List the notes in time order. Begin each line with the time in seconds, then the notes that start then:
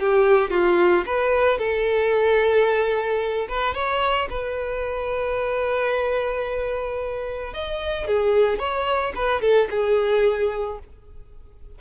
0.00 G4
0.51 F4
1.07 B4
1.59 A4
3.49 B4
3.75 C#5
4.30 B4
7.54 D#5
8.08 G#4
8.59 C#5
9.15 B4
9.42 A4
9.71 G#4